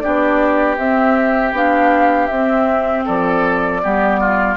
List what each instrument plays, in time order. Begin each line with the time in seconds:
0.00 bassoon B3, clarinet D4, oboe G4, flute D5
0.78 bassoon C4, clarinet C4, flute E5
1.53 bassoon B3, clarinet D4, flute F5
2.27 bassoon C4, flute E5
2.34 clarinet C4
3.06 bassoon F3, oboe A4, flute D5
3.81 bassoon G3, clarinet B3, oboe G4
4.21 oboe F4